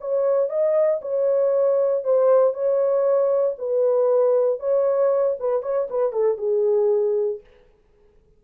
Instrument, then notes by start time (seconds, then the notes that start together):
horn
0.00 C#5
0.49 D#5
1.01 C#5
2.03 C5
2.53 C#5
3.58 B4
4.59 C#5
5.39 B4
5.62 C#5
5.90 B4
6.12 A4
6.37 G#4